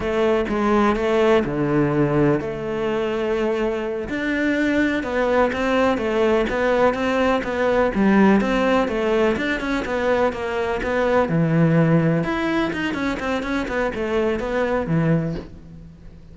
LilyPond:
\new Staff \with { instrumentName = "cello" } { \time 4/4 \tempo 4 = 125 a4 gis4 a4 d4~ | d4 a2.~ | a8 d'2 b4 c'8~ | c'8 a4 b4 c'4 b8~ |
b8 g4 c'4 a4 d'8 | cis'8 b4 ais4 b4 e8~ | e4. e'4 dis'8 cis'8 c'8 | cis'8 b8 a4 b4 e4 | }